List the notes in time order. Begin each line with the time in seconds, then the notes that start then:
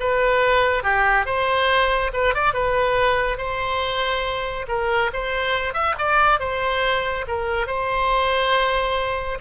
0.00 B4
0.83 G4
1.26 C5
2.14 B4
2.35 D5
2.54 B4
3.38 C5
4.68 A#4
5.14 C5
5.74 E5
5.98 D5
6.40 C5
7.28 A#4
7.67 C5